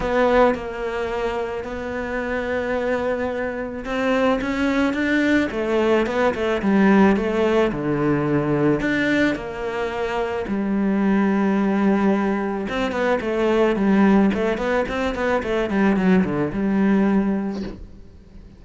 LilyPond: \new Staff \with { instrumentName = "cello" } { \time 4/4 \tempo 4 = 109 b4 ais2 b4~ | b2. c'4 | cis'4 d'4 a4 b8 a8 | g4 a4 d2 |
d'4 ais2 g4~ | g2. c'8 b8 | a4 g4 a8 b8 c'8 b8 | a8 g8 fis8 d8 g2 | }